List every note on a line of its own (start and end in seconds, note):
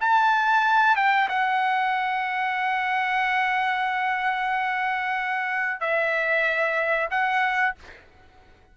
0.00 0.96 A5
0.96 1.28 G5
1.28 5.80 F#5
5.80 7.09 E5
7.10 7.74 F#5